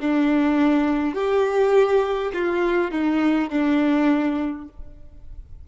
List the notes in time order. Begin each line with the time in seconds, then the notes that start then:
0.00 D4
1.14 G4
2.34 F4
2.91 D#4
3.50 D4